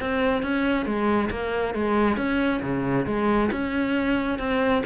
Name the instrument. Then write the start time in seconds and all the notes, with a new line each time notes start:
cello
0.00 C4
0.42 C#4
0.86 G#3
1.30 A#3
1.74 G#3
2.17 C#4
2.62 C#3
3.06 G#3
3.52 C#4
4.39 C4